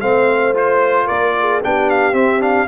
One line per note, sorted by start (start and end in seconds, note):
0.00 1.08 A3
0.00 0.54 C4
0.00 1.05 C5
0.00 0.54 F5
0.54 1.61 F4
0.54 1.07 C5
1.05 1.63 A#3
1.05 1.32 A#4
1.05 1.61 D5
1.39 1.66 G#4
1.63 2.12 B3
1.63 2.12 D4
1.63 2.67 G4
1.63 1.90 G5
1.90 2.14 F5
2.12 2.66 C4
2.12 2.39 C4
2.12 2.41 E5
2.39 2.66 D4
2.39 2.67 F5